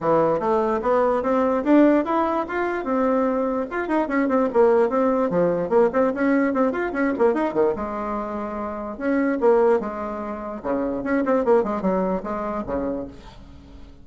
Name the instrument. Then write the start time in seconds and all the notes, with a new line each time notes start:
bassoon
0.01 E3
0.39 A3
0.82 B3
1.22 C4
1.64 D4
2.04 E4
2.47 F4
2.84 C4
3.70 F4
3.88 D#4
4.08 C#4
4.28 C4
4.53 A#3
4.89 C4
5.30 F3
5.69 A#3
5.92 C4
6.14 C#4
6.53 C4
6.71 F4
6.92 C#4
7.18 A#3
7.33 D#4
7.53 D#3
7.75 G#3
8.97 C#4
9.40 A#3
9.80 G#3
10.63 C#3
11.03 C#4
11.25 C4
11.44 A#3
11.63 G#3
11.81 F#3
12.23 G#3
12.66 C#3